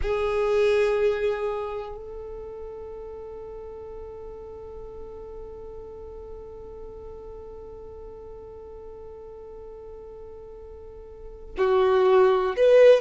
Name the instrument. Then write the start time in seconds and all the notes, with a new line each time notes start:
violin
0.02 G#4
1.96 A4
11.57 F#4
12.56 B4